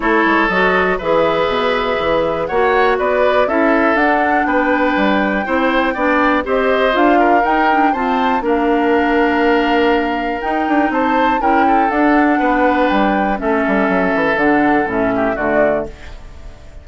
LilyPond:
<<
  \new Staff \with { instrumentName = "flute" } { \time 4/4 \tempo 4 = 121 cis''4 dis''4 e''2~ | e''4 fis''4 d''4 e''4 | fis''4 g''2.~ | g''4 dis''4 f''4 g''4 |
a''4 f''2.~ | f''4 g''4 a''4 g''4 | fis''2 g''4 e''4~ | e''4 fis''4 e''4 d''4 | }
  \new Staff \with { instrumentName = "oboe" } { \time 4/4 a'2 b'2~ | b'4 cis''4 b'4 a'4~ | a'4 b'2 c''4 | d''4 c''4. ais'4. |
c''4 ais'2.~ | ais'2 c''4 ais'8 a'8~ | a'4 b'2 a'4~ | a'2~ a'8 g'8 fis'4 | }
  \new Staff \with { instrumentName = "clarinet" } { \time 4/4 e'4 fis'4 gis'2~ | gis'4 fis'2 e'4 | d'2. e'4 | d'4 g'4 f'4 dis'8 d'8 |
c'4 d'2.~ | d'4 dis'2 e'4 | d'2. cis'4~ | cis'4 d'4 cis'4 a4 | }
  \new Staff \with { instrumentName = "bassoon" } { \time 4/4 a8 gis8 fis4 e4 b,4 | e4 ais4 b4 cis'4 | d'4 b4 g4 c'4 | b4 c'4 d'4 dis'4 |
f'4 ais2.~ | ais4 dis'8 d'8 c'4 cis'4 | d'4 b4 g4 a8 g8 | fis8 e8 d4 a,4 d4 | }
>>